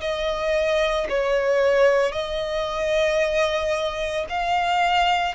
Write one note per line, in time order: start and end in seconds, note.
0.00 1.07 D#5
1.09 2.12 C#5
2.12 4.26 D#5
4.29 5.35 F5